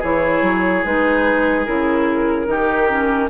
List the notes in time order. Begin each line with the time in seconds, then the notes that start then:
0.00 E3 E4 G#4 C#5
0.42 F#3
0.85 G#3 D#4 B4
1.66 C#3 E4 A#4
2.46 D#3 D#4 G4
2.89 C#4